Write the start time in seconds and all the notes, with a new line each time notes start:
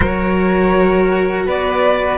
0.00 F#3 F#4 A#4 C#5
1.46 B3 B4 D5